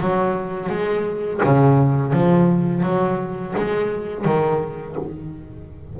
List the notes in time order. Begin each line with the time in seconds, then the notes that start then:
0.00 F#3
0.69 G#3
1.44 C#3
2.12 F3
2.82 F#3
3.56 G#3
4.24 D#3